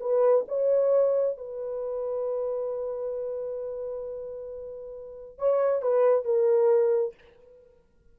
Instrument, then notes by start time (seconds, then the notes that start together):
horn
0.00 B4
0.48 C#5
1.37 B4
5.38 C#5
5.82 B4
6.25 A#4